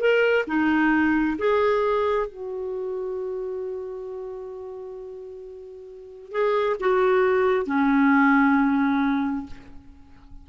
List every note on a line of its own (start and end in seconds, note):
0.00 0.45 A#4
0.47 1.37 D#4
1.38 2.27 G#4
2.27 6.31 F#4
6.31 6.76 G#4
6.80 7.66 F#4
7.66 9.46 C#4